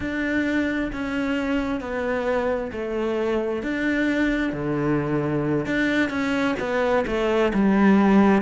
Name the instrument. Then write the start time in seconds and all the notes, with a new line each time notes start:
cello
0.00 D4
0.92 C#4
1.80 B3
2.71 A3
3.62 D4
4.52 D3
5.66 D4
6.09 C#4
6.59 B3
7.07 A3
7.53 G3